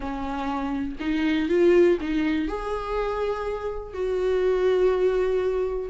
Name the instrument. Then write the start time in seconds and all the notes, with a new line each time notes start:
viola
0.00 C#4
1.00 D#4
1.48 F4
2.00 D#4
2.47 G#4
3.93 F#4